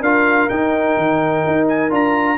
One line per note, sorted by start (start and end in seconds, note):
0.00 0.47 D4
0.00 0.50 F4
0.00 2.38 A#4
0.00 0.49 F5
0.49 0.96 D#4
0.49 1.89 D#4
0.49 1.67 G5
0.96 1.44 D#3
1.46 1.90 D#4
1.68 1.91 G#5
1.89 2.37 D4
1.89 2.37 F4
1.89 2.38 A#5